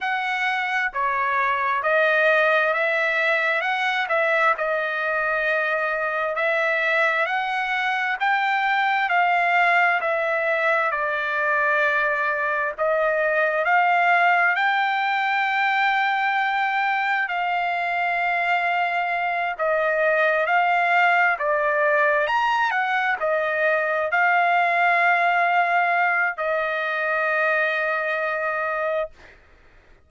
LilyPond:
\new Staff \with { instrumentName = "trumpet" } { \time 4/4 \tempo 4 = 66 fis''4 cis''4 dis''4 e''4 | fis''8 e''8 dis''2 e''4 | fis''4 g''4 f''4 e''4 | d''2 dis''4 f''4 |
g''2. f''4~ | f''4. dis''4 f''4 d''8~ | d''8 ais''8 fis''8 dis''4 f''4.~ | f''4 dis''2. | }